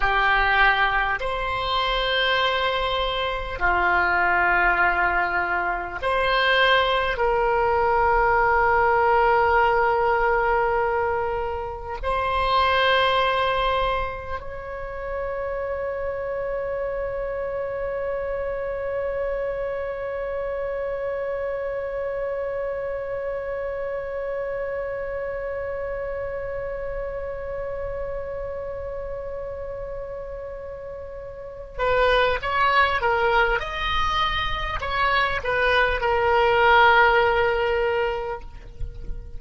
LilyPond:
\new Staff \with { instrumentName = "oboe" } { \time 4/4 \tempo 4 = 50 g'4 c''2 f'4~ | f'4 c''4 ais'2~ | ais'2 c''2 | cis''1~ |
cis''1~ | cis''1~ | cis''2~ cis''8 b'8 cis''8 ais'8 | dis''4 cis''8 b'8 ais'2 | }